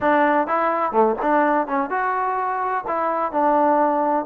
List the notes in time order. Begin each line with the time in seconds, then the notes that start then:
0.00 D4
0.47 E4
0.92 A3
1.22 D4
1.67 C#4
1.90 F#4
2.87 E4
3.32 D4